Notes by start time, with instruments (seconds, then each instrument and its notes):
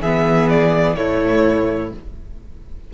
0.00 cello E3, viola B3, violin G#4 E5
0.49 violin D5
0.95 cello A2, viola A3, violin E4 C#5